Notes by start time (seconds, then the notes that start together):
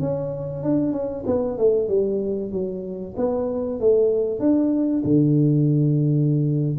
0.00 C#4
0.63 D4
0.92 C#4
1.26 B3
1.58 A3
1.88 G3
2.51 F#3
3.17 B3
3.80 A3
4.40 D4
5.04 D3